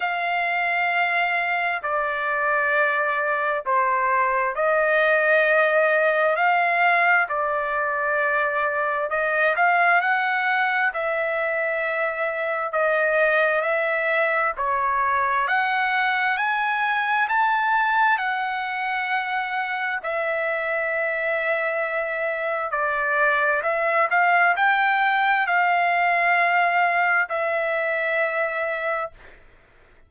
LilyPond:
\new Staff \with { instrumentName = "trumpet" } { \time 4/4 \tempo 4 = 66 f''2 d''2 | c''4 dis''2 f''4 | d''2 dis''8 f''8 fis''4 | e''2 dis''4 e''4 |
cis''4 fis''4 gis''4 a''4 | fis''2 e''2~ | e''4 d''4 e''8 f''8 g''4 | f''2 e''2 | }